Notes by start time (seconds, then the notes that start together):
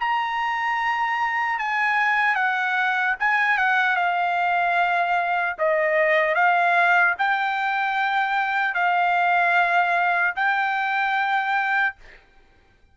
0.00 A#5
1.59 G#5
2.35 F#5
3.19 G#5
3.57 F#5
3.96 F5
5.58 D#5
6.35 F5
7.18 G5
8.75 F5
10.36 G5